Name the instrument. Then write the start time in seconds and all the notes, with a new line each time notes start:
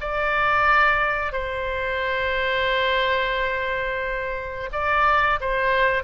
oboe
0.00 D5
1.32 C5
4.72 D5
5.40 C5